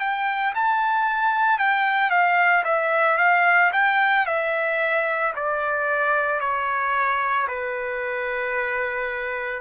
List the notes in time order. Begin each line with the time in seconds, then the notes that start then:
0.00 G5
0.55 A5
1.59 G5
2.10 F5
2.64 E5
3.18 F5
3.73 G5
4.27 E5
5.36 D5
6.40 C#5
7.48 B4